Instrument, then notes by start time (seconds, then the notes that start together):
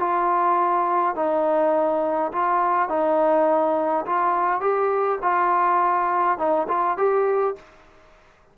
trombone
0.00 F4
1.16 D#4
2.33 F4
2.89 D#4
4.06 F4
4.61 G4
5.23 F4
6.38 D#4
6.69 F4
6.98 G4